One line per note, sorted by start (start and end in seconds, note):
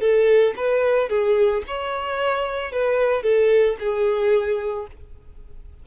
0.00 0.54 A4
0.56 1.09 B4
1.09 1.63 G#4
1.67 2.72 C#5
2.72 3.22 B4
3.22 3.76 A4
3.79 4.87 G#4